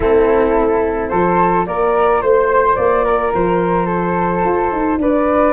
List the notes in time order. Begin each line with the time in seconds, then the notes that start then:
0.00 A3 C4 E4 A4
1.08 F3 F4 A4 C5
1.66 A#3 A#4 D5
2.21 A3 C5
2.75 A#3 D5
3.05 A#4
3.33 F3 C5
3.86 A4
4.44 F4
4.72 D#4
4.97 D4 B4 D5